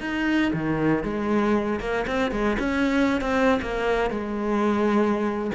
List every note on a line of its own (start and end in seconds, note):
0.00 0.51 D#4
0.53 1.03 D#3
1.03 1.79 G#3
1.79 2.05 A#3
2.07 2.31 C4
2.31 2.57 G#3
2.59 3.21 C#4
3.21 3.59 C4
3.61 4.10 A#3
4.10 5.51 G#3